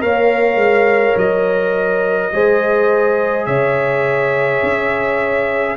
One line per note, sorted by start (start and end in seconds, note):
0.00 0.55 A#3
0.00 2.31 A#4
0.00 2.33 C#5
0.00 1.17 F5
0.55 1.13 G#3
1.16 2.31 F#3
1.16 3.46 D#5
2.32 3.46 G#3
2.32 5.77 G#4
2.32 3.47 C5
3.46 4.62 C#3
3.46 5.77 C#5
3.46 5.76 E5
4.62 5.77 C#4